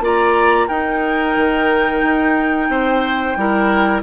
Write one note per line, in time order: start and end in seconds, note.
0.00 0.67 A#3
0.00 0.68 F4
0.00 0.68 D5
0.00 0.68 A#5
0.68 1.36 D#4
0.68 3.36 D#4
0.68 2.68 A#4
0.68 4.01 G5
1.36 2.02 D#3
2.02 2.69 D#4
2.69 3.35 C4
2.69 3.37 C5
3.36 4.02 G3
3.36 4.02 E4
3.36 4.02 A#4